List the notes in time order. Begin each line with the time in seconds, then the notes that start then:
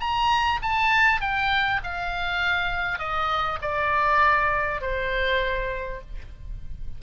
0.00 A#5
0.62 A5
1.21 G5
1.83 F5
2.99 D#5
3.62 D5
4.81 C5